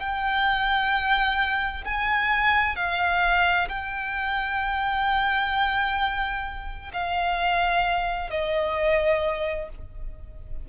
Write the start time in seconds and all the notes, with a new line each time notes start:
0.00 G5
1.85 G#5
2.76 F5
3.69 G5
6.93 F5
8.31 D#5